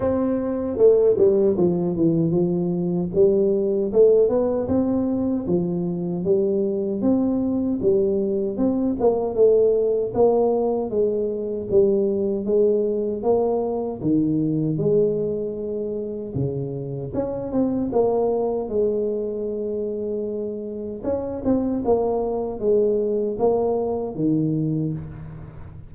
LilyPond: \new Staff \with { instrumentName = "tuba" } { \time 4/4 \tempo 4 = 77 c'4 a8 g8 f8 e8 f4 | g4 a8 b8 c'4 f4 | g4 c'4 g4 c'8 ais8 | a4 ais4 gis4 g4 |
gis4 ais4 dis4 gis4~ | gis4 cis4 cis'8 c'8 ais4 | gis2. cis'8 c'8 | ais4 gis4 ais4 dis4 | }